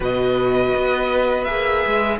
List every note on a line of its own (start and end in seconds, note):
0.00 0.73 B2
0.00 1.46 F#4
0.00 2.18 B4
0.00 1.44 D#5
0.75 1.48 B3
1.44 1.85 A#3
1.44 2.19 G#4
1.44 2.17 E5
1.86 2.19 G#3